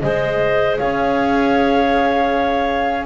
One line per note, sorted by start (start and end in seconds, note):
0.00 0.79 G#3
0.00 3.06 G#4
0.00 0.79 C5
0.00 0.76 D#5
0.79 3.06 C#4
0.79 3.06 C#5
0.79 3.06 F5